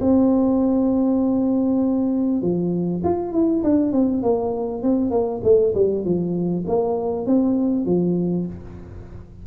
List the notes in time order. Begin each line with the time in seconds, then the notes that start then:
0.00 C4
2.41 F3
3.04 F4
3.32 E4
3.63 D4
3.92 C4
4.22 A#3
4.82 C4
5.10 A#3
5.43 A3
5.74 G3
6.04 F3
6.67 A#3
7.26 C4
7.85 F3